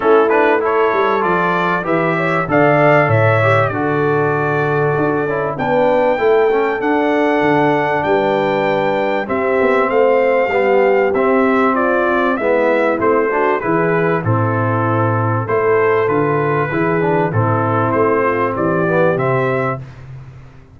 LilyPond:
<<
  \new Staff \with { instrumentName = "trumpet" } { \time 4/4 \tempo 4 = 97 a'8 b'8 cis''4 d''4 e''4 | f''4 e''4 d''2~ | d''4 g''2 fis''4~ | fis''4 g''2 e''4 |
f''2 e''4 d''4 | e''4 c''4 b'4 a'4~ | a'4 c''4 b'2 | a'4 c''4 d''4 e''4 | }
  \new Staff \with { instrumentName = "horn" } { \time 4/4 e'4 a'2 b'8 cis''8 | d''4 cis''4 a'2~ | a'4 b'4 a'2~ | a'4 b'2 g'4 |
c''4 g'2 f'4 | e'4. fis'8 gis'4 e'4~ | e'4 a'2 gis'4 | e'4. f'8 g'2 | }
  \new Staff \with { instrumentName = "trombone" } { \time 4/4 cis'8 d'8 e'4 f'4 g'4 | a'4. g'8 fis'2~ | fis'8 e'8 d'4 e'8 cis'8 d'4~ | d'2. c'4~ |
c'4 b4 c'2 | b4 c'8 d'8 e'4 c'4~ | c'4 e'4 f'4 e'8 d'8 | c'2~ c'8 b8 c'4 | }
  \new Staff \with { instrumentName = "tuba" } { \time 4/4 a4. g8 f4 e4 | d4 a,4 d2 | d'8 cis'8 b4 a4 d'4 | d4 g2 c'8 b8 |
a4 g4 c'2 | gis4 a4 e4 a,4~ | a,4 a4 d4 e4 | a,4 a4 e4 c4 | }
>>